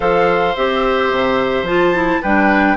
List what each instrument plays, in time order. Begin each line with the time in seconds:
0.00 bassoon F3, clarinet A4, oboe C5, flute F5
0.55 bassoon C4, clarinet G4, flute E5
1.11 bassoon C3
1.62 bassoon F3, clarinet F4, flute A5
1.94 clarinet E4
2.21 bassoon G3, clarinet D4, oboe B4, flute G5